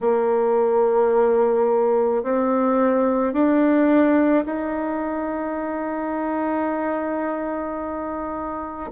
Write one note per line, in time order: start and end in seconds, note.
0.01 2.23 A#3
2.23 3.33 C4
3.33 4.44 D4
4.45 8.90 D#4